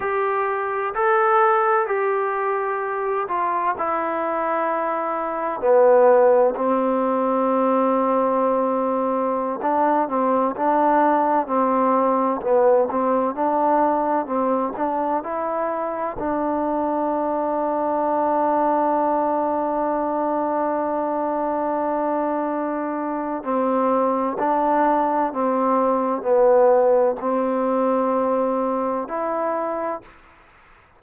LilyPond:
\new Staff \with { instrumentName = "trombone" } { \time 4/4 \tempo 4 = 64 g'4 a'4 g'4. f'8 | e'2 b4 c'4~ | c'2~ c'16 d'8 c'8 d'8.~ | d'16 c'4 b8 c'8 d'4 c'8 d'16~ |
d'16 e'4 d'2~ d'8.~ | d'1~ | d'4 c'4 d'4 c'4 | b4 c'2 e'4 | }